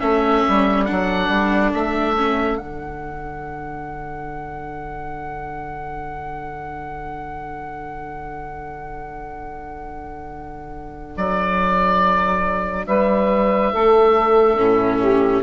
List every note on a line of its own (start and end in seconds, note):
0.00 0.45 A3
0.00 0.86 C#4
0.00 12.86 A4
0.00 0.85 E5
0.49 0.91 G3
0.85 1.29 F#3
0.85 2.16 D4
0.85 1.71 F#5
1.29 1.72 G3
1.74 2.59 A3
1.74 2.58 E5
2.17 2.58 C#4
2.58 11.16 D3
2.58 14.58 D4
2.58 11.15 F#5
11.17 12.87 F#3
11.17 12.87 D5
12.87 13.73 G3
12.87 13.73 B4
12.87 15.44 E5
13.73 14.59 A3
13.73 15.01 A4
14.58 15.44 A2
14.58 15.44 C#4
15.01 15.44 G4